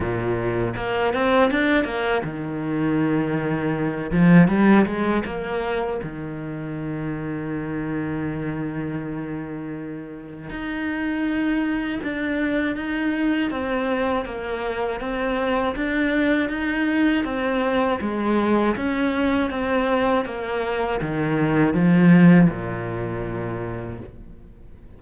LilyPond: \new Staff \with { instrumentName = "cello" } { \time 4/4 \tempo 4 = 80 ais,4 ais8 c'8 d'8 ais8 dis4~ | dis4. f8 g8 gis8 ais4 | dis1~ | dis2 dis'2 |
d'4 dis'4 c'4 ais4 | c'4 d'4 dis'4 c'4 | gis4 cis'4 c'4 ais4 | dis4 f4 ais,2 | }